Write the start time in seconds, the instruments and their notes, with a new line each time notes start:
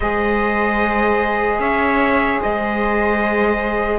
0.00 cello G#3, saxophone G#4, viola C5, trumpet D#5
1.59 cello C#4, viola C#5, trumpet E5
2.40 cello G#3, viola C5, trumpet D#5